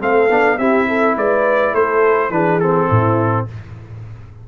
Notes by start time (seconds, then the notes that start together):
0.00 A3 C4 A4 F5
0.30 B3 D4
0.58 C4 E4 G4 E5
0.88 A4
1.16 G#3 B4 D5
1.74 A3 A4 C5
2.30 E3 D4 G#4 B4
2.60 C4 A4
2.89 A2 E4